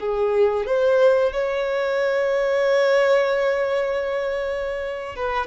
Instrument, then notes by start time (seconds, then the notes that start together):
violin
0.00 G#4
0.66 C5
1.32 C#5
5.16 B4